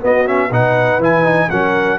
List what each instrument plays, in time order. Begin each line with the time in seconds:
0.00 trombone B3, tuba B3, horn F#4, trumpet D#5
0.25 trombone C#4, trumpet E5
0.48 tuba B2, trombone D#4, horn B4, trumpet F#5
0.98 tuba E3, trombone E4, trumpet G#5
1.23 trombone D#4
1.49 tuba F#3, trombone C#4, horn A#4, trumpet F#5